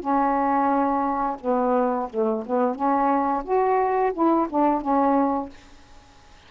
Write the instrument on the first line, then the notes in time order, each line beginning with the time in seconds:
saxophone
0.00 C#4
1.41 B3
2.10 A3
2.46 B3
2.75 C#4
3.44 F#4
4.13 E4
4.50 D4
4.81 C#4